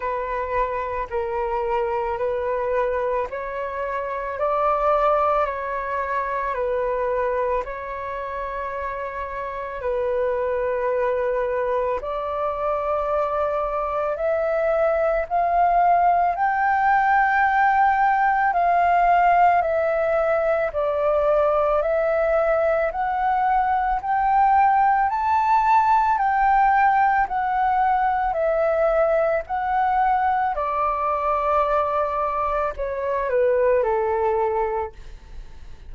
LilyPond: \new Staff \with { instrumentName = "flute" } { \time 4/4 \tempo 4 = 55 b'4 ais'4 b'4 cis''4 | d''4 cis''4 b'4 cis''4~ | cis''4 b'2 d''4~ | d''4 e''4 f''4 g''4~ |
g''4 f''4 e''4 d''4 | e''4 fis''4 g''4 a''4 | g''4 fis''4 e''4 fis''4 | d''2 cis''8 b'8 a'4 | }